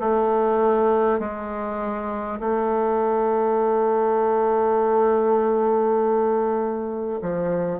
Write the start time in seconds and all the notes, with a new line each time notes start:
0.00 A3
1.19 G#3
2.39 A3
7.22 F3